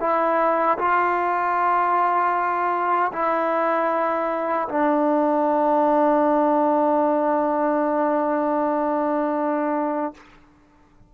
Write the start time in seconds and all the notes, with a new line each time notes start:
0.00 E4
0.78 F4
3.12 E4
4.69 D4